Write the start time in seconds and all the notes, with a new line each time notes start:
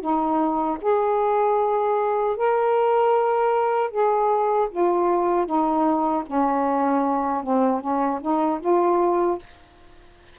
0.00 D#4
0.81 G#4
2.36 A#4
3.90 G#4
4.70 F4
5.45 D#4
6.26 C#4
7.43 C4
7.81 C#4
8.21 D#4
8.60 F4